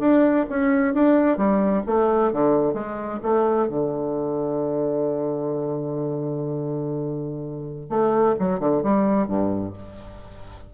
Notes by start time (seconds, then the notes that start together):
0.00 D4
0.50 C#4
0.94 D4
1.37 G3
1.87 A3
2.33 D3
2.74 G#3
3.23 A3
3.69 D3
7.90 A3
8.40 F#3
8.60 D3
8.83 G3
9.28 G2